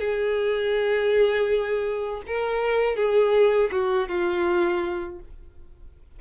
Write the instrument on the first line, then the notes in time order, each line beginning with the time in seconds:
violin
0.00 G#4
2.27 A#4
2.96 G#4
3.72 F#4
4.08 F4